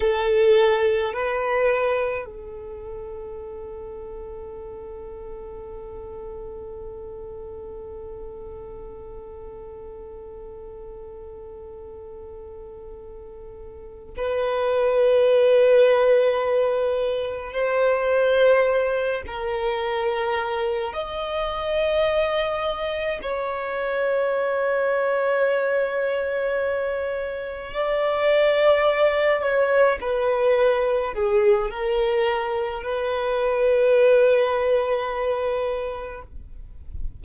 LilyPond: \new Staff \with { instrumentName = "violin" } { \time 4/4 \tempo 4 = 53 a'4 b'4 a'2~ | a'1~ | a'1~ | a'8 b'2. c''8~ |
c''4 ais'4. dis''4.~ | dis''8 cis''2.~ cis''8~ | cis''8 d''4. cis''8 b'4 gis'8 | ais'4 b'2. | }